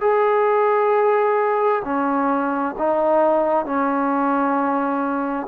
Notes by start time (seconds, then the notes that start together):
0.00 G#4
1.84 C#4
2.78 D#4
3.65 C#4